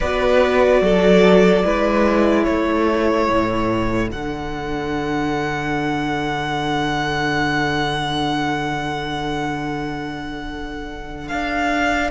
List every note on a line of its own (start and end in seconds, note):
0.00 0.81 B3
0.00 1.63 F#4
0.00 0.82 B4
0.00 2.43 D5
0.81 1.63 F#3
0.81 1.64 A4
1.63 2.46 G#3
1.63 4.08 E4
1.63 2.44 B4
2.43 3.29 A3
2.43 12.10 A4
2.43 4.08 C#5
3.29 4.11 A2
4.08 11.30 D3
4.08 12.09 D4
4.08 11.28 F#5
11.28 12.11 D4
11.28 12.10 F5